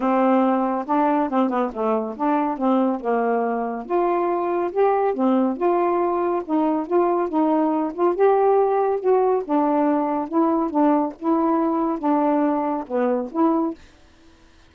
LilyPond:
\new Staff \with { instrumentName = "saxophone" } { \time 4/4 \tempo 4 = 140 c'2 d'4 c'8 b8 | a4 d'4 c'4 ais4~ | ais4 f'2 g'4 | c'4 f'2 dis'4 |
f'4 dis'4. f'8 g'4~ | g'4 fis'4 d'2 | e'4 d'4 e'2 | d'2 b4 e'4 | }